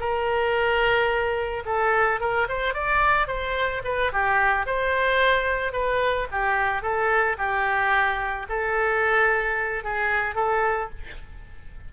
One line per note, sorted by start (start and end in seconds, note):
0.00 1.64 A#4
1.66 2.20 A4
2.20 2.48 A#4
2.49 2.74 C5
2.74 3.28 D5
3.28 3.82 C5
3.85 4.12 B4
4.13 4.66 G4
4.66 5.73 C5
5.73 6.28 B4
6.32 6.83 G4
6.83 7.37 A4
7.38 8.47 G4
8.49 9.84 A4
9.84 10.35 G#4
10.35 10.90 A4